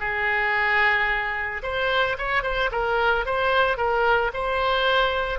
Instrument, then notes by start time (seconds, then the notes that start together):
oboe
0.00 G#4
1.63 C5
2.18 C#5
2.43 C5
2.72 A#4
3.26 C5
3.77 A#4
4.34 C5